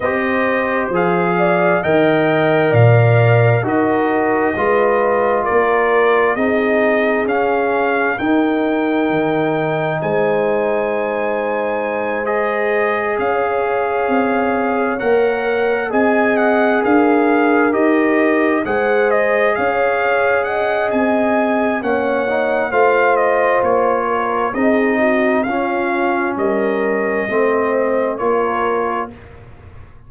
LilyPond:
<<
  \new Staff \with { instrumentName = "trumpet" } { \time 4/4 \tempo 4 = 66 dis''4 f''4 g''4 f''4 | dis''2 d''4 dis''4 | f''4 g''2 gis''4~ | gis''4. dis''4 f''4.~ |
f''8 fis''4 gis''8 fis''8 f''4 dis''8~ | dis''8 fis''8 dis''8 f''4 fis''8 gis''4 | fis''4 f''8 dis''8 cis''4 dis''4 | f''4 dis''2 cis''4 | }
  \new Staff \with { instrumentName = "horn" } { \time 4/4 c''4. d''8 dis''4 d''4 | ais'4 b'4 ais'4 gis'4~ | gis'4 ais'2 c''4~ | c''2~ c''8 cis''4.~ |
cis''4. dis''4 ais'4.~ | ais'8 c''4 cis''4 dis''4. | cis''4 c''4. ais'8 gis'8 fis'8 | f'4 ais'4 c''4 ais'4 | }
  \new Staff \with { instrumentName = "trombone" } { \time 4/4 g'4 gis'4 ais'2 | fis'4 f'2 dis'4 | cis'4 dis'2.~ | dis'4. gis'2~ gis'8~ |
gis'8 ais'4 gis'2 g'8~ | g'8 gis'2.~ gis'8 | cis'8 dis'8 f'2 dis'4 | cis'2 c'4 f'4 | }
  \new Staff \with { instrumentName = "tuba" } { \time 4/4 c'4 f4 dis4 ais,4 | dis'4 gis4 ais4 c'4 | cis'4 dis'4 dis4 gis4~ | gis2~ gis8 cis'4 c'8~ |
c'8 ais4 c'4 d'4 dis'8~ | dis'8 gis4 cis'4. c'4 | ais4 a4 ais4 c'4 | cis'4 g4 a4 ais4 | }
>>